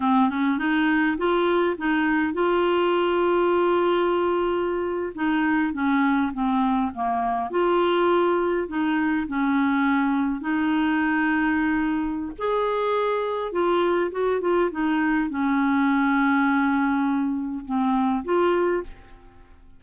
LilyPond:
\new Staff \with { instrumentName = "clarinet" } { \time 4/4 \tempo 4 = 102 c'8 cis'8 dis'4 f'4 dis'4 | f'1~ | f'8. dis'4 cis'4 c'4 ais16~ | ais8. f'2 dis'4 cis'16~ |
cis'4.~ cis'16 dis'2~ dis'16~ | dis'4 gis'2 f'4 | fis'8 f'8 dis'4 cis'2~ | cis'2 c'4 f'4 | }